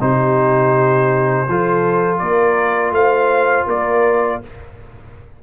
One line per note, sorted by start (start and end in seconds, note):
0.00 1.47 C3
0.00 1.46 D#4
0.00 1.48 G4
0.00 2.18 C5
1.48 2.21 F3
1.48 4.43 F4
1.48 2.21 A4
2.18 2.91 A#3
2.18 2.94 A#4
2.18 2.92 D5
2.91 3.64 A3
2.91 3.67 C5
2.91 3.67 F5
3.66 4.40 A#3
3.66 4.40 A#4
3.66 4.42 D5